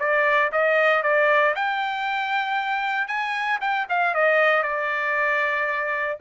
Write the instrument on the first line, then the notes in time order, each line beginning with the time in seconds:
trumpet
0.00 D5
0.52 D#5
1.03 D5
1.55 G5
3.08 G#5
3.61 G5
3.90 F5
4.15 D#5
4.63 D5